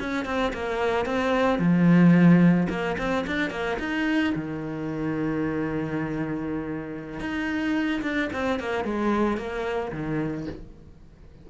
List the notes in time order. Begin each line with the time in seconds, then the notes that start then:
0.00 C#4
0.26 C4
0.54 A#3
1.06 C4
1.59 F3
2.70 A#3
2.98 C4
3.27 D4
3.51 A#3
3.80 D#4
4.36 D#3
7.20 D#4
8.03 D4
8.33 C4
8.60 A#3
8.85 G#3
9.38 A#3
9.92 D#3